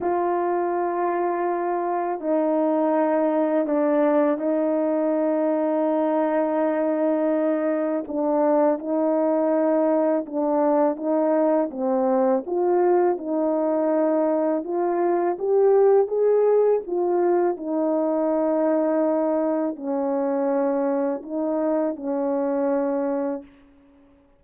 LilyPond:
\new Staff \with { instrumentName = "horn" } { \time 4/4 \tempo 4 = 82 f'2. dis'4~ | dis'4 d'4 dis'2~ | dis'2. d'4 | dis'2 d'4 dis'4 |
c'4 f'4 dis'2 | f'4 g'4 gis'4 f'4 | dis'2. cis'4~ | cis'4 dis'4 cis'2 | }